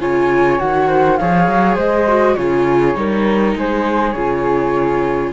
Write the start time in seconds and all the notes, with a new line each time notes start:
0.00 C#3 F4 C#5 G#5
0.59 D#3 F#4 F#5
0.89 C5
1.17 F3 G#4 C#5 F5
1.48 F#3
1.76 G#3 C5 D#5
2.08 F#4
2.35 C#3 F4 G#4 C#5
2.95 G3 D#4 A#4
3.55 G#3 G#4 C5
4.12 C#3 F4 C#5